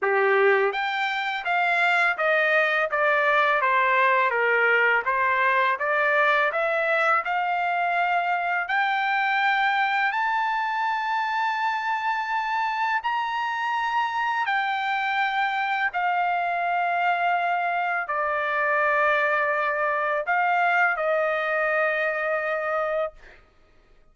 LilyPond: \new Staff \with { instrumentName = "trumpet" } { \time 4/4 \tempo 4 = 83 g'4 g''4 f''4 dis''4 | d''4 c''4 ais'4 c''4 | d''4 e''4 f''2 | g''2 a''2~ |
a''2 ais''2 | g''2 f''2~ | f''4 d''2. | f''4 dis''2. | }